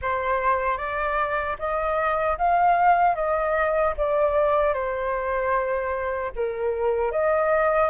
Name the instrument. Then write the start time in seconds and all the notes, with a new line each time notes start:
flute
0.01 C5
0.77 D5
1.58 D#5
2.38 F5
3.15 D#5
3.97 D5
4.73 C5
6.36 A#4
7.11 D#5